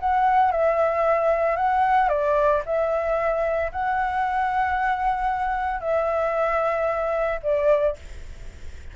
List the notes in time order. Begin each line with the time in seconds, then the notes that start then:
0.00 F#5
0.52 E5
1.57 F#5
2.09 D5
2.66 E5
3.72 F#5
5.81 E5
7.43 D5